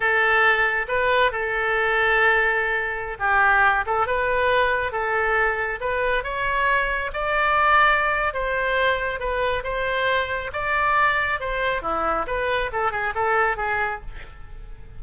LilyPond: \new Staff \with { instrumentName = "oboe" } { \time 4/4 \tempo 4 = 137 a'2 b'4 a'4~ | a'2.~ a'16 g'8.~ | g'8. a'8 b'2 a'8.~ | a'4~ a'16 b'4 cis''4.~ cis''16~ |
cis''16 d''2~ d''8. c''4~ | c''4 b'4 c''2 | d''2 c''4 e'4 | b'4 a'8 gis'8 a'4 gis'4 | }